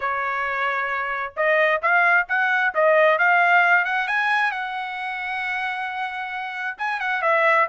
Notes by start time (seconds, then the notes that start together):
0.00 C#5
1.36 D#5
1.81 F5
2.28 F#5
2.74 D#5
3.18 F5
3.85 F#5
4.07 G#5
4.51 F#5
6.78 G#5
7.00 F#5
7.22 E5